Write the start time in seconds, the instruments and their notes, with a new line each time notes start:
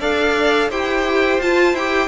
0.00 cello D4, viola A4, violin D5 F5
0.70 cello E4, viola G4, violin C5 G5
1.39 cello F4, viola F4, violin A5
1.74 cello E4, viola G4, violin G5